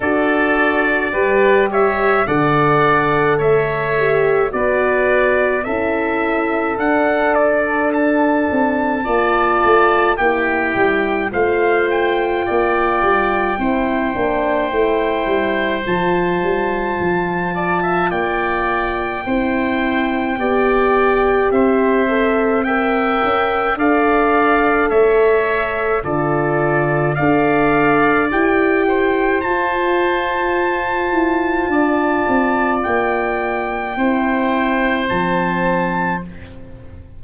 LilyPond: <<
  \new Staff \with { instrumentName = "trumpet" } { \time 4/4 \tempo 4 = 53 d''4. e''8 fis''4 e''4 | d''4 e''4 fis''8 d''8 a''4~ | a''4 g''4 f''8 g''4.~ | g''2 a''2 |
g''2. e''4 | g''4 f''4 e''4 d''4 | f''4 g''4 a''2~ | a''4 g''2 a''4 | }
  \new Staff \with { instrumentName = "oboe" } { \time 4/4 a'4 b'8 cis''8 d''4 cis''4 | b'4 a'2. | d''4 g'4 c''4 d''4 | c''2.~ c''8 d''16 e''16 |
d''4 c''4 d''4 c''4 | e''4 d''4 cis''4 a'4 | d''4. c''2~ c''8 | d''2 c''2 | }
  \new Staff \with { instrumentName = "horn" } { \time 4/4 fis'4 g'4 a'4. g'8 | fis'4 e'4 d'2 | f'4 e'4 f'2 | e'8 d'8 e'4 f'2~ |
f'4 e'4 g'4. a'8 | ais'4 a'2 f'4 | a'4 g'4 f'2~ | f'2 e'4 c'4 | }
  \new Staff \with { instrumentName = "tuba" } { \time 4/4 d'4 g4 d4 a4 | b4 cis'4 d'4. c'8 | ais8 a8 ais8 g8 a4 ais8 g8 | c'8 ais8 a8 g8 f8 g8 f4 |
ais4 c'4 b4 c'4~ | c'8 cis'8 d'4 a4 d4 | d'4 e'4 f'4. e'8 | d'8 c'8 ais4 c'4 f4 | }
>>